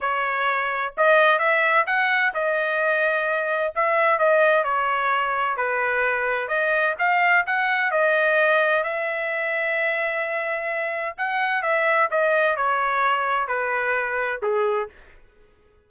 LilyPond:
\new Staff \with { instrumentName = "trumpet" } { \time 4/4 \tempo 4 = 129 cis''2 dis''4 e''4 | fis''4 dis''2. | e''4 dis''4 cis''2 | b'2 dis''4 f''4 |
fis''4 dis''2 e''4~ | e''1 | fis''4 e''4 dis''4 cis''4~ | cis''4 b'2 gis'4 | }